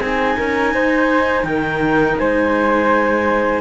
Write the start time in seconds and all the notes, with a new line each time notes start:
0.00 C4 D#4 G#4 G#5
0.37 C#4 A#4
0.74 D#4 C5
1.44 D#3 A#4 G5
2.18 G#3 C5 G#5